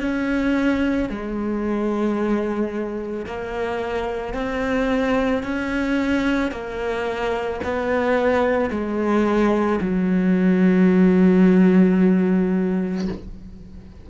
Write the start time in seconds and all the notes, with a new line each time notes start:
0.00 C#4
1.09 G#3
3.26 A#3
4.33 C4
5.42 C#4
6.51 A#3
7.64 B3
8.70 G#3
9.81 F#3